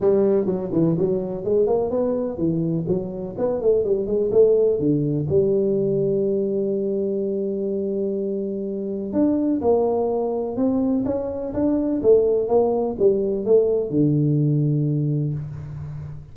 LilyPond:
\new Staff \with { instrumentName = "tuba" } { \time 4/4 \tempo 4 = 125 g4 fis8 e8 fis4 gis8 ais8 | b4 e4 fis4 b8 a8 | g8 gis8 a4 d4 g4~ | g1~ |
g2. d'4 | ais2 c'4 cis'4 | d'4 a4 ais4 g4 | a4 d2. | }